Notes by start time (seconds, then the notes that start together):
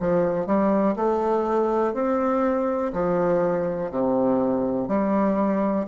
0.00 F3
0.46 G3
0.96 A3
1.94 C4
2.93 F3
3.91 C3
4.88 G3